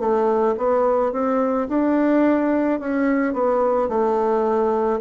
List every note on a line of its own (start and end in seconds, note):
0.00 0.56 A3
0.58 1.13 B3
1.13 1.68 C4
1.69 2.80 D4
2.80 3.34 C#4
3.34 3.89 B3
3.89 5.00 A3